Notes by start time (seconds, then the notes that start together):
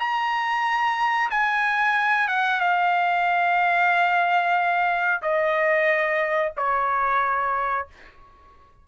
0.00 A#5
1.31 G#5
2.29 F#5
2.61 F5
5.22 D#5
6.58 C#5